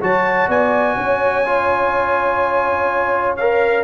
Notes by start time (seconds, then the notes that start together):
0.00 F#3 F#4 C#5 A5
0.48 B3 D5 G#5
0.96 C#4 C#5
1.45 F4
3.36 A#4 F5